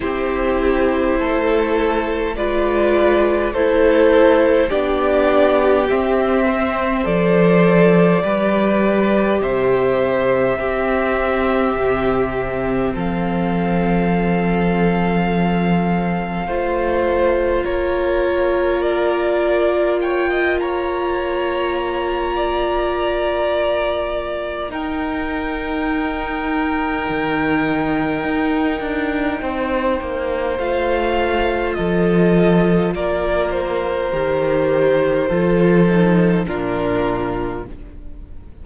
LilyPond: <<
  \new Staff \with { instrumentName = "violin" } { \time 4/4 \tempo 4 = 51 c''2 d''4 c''4 | d''4 e''4 d''2 | e''2. f''4~ | f''2. cis''4 |
d''4 g''8 ais''2~ ais''8~ | ais''4 g''2.~ | g''2 f''4 dis''4 | d''8 c''2~ c''8 ais'4 | }
  \new Staff \with { instrumentName = "violin" } { \time 4/4 g'4 a'4 b'4 a'4 | g'4. c''4. b'4 | c''4 g'2 a'4~ | a'2 c''4 ais'4~ |
ais'4 cis''16 dis''16 cis''4. d''4~ | d''4 ais'2.~ | ais'4 c''2 a'4 | ais'2 a'4 f'4 | }
  \new Staff \with { instrumentName = "viola" } { \time 4/4 e'2 f'4 e'4 | d'4 c'4 a'4 g'4~ | g'4 c'2.~ | c'2 f'2~ |
f'1~ | f'4 dis'2.~ | dis'2 f'2~ | f'4 g'4 f'8 dis'8 d'4 | }
  \new Staff \with { instrumentName = "cello" } { \time 4/4 c'4 a4 gis4 a4 | b4 c'4 f4 g4 | c4 c'4 c4 f4~ | f2 a4 ais4~ |
ais1~ | ais4 dis'2 dis4 | dis'8 d'8 c'8 ais8 a4 f4 | ais4 dis4 f4 ais,4 | }
>>